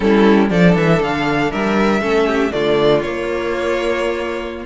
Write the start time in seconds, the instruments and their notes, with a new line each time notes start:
0.00 cello G3, viola C#4, violin E4 A4
0.49 cello F3, viola D4, violin A4 D5
0.75 cello E3, violin E5
1.01 cello D3, violin F5
1.51 cello G3, violin A#4 E5
2.01 cello A3, viola C#4, violin A4
2.26 violin G4
2.51 cello D3, viola A3, violin F4 D5
3.01 viola A#3, cello A#3, violin C#5